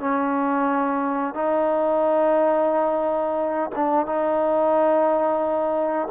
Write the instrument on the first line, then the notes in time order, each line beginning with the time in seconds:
trombone
0.00 C#4
1.34 D#4
3.75 D4
4.06 D#4